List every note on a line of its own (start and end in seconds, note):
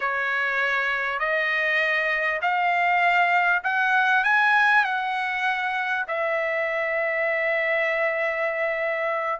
0.00 1.19 C#5
1.19 2.40 D#5
2.41 3.63 F5
3.63 4.24 F#5
4.24 4.84 G#5
4.84 6.05 F#5
6.07 9.39 E5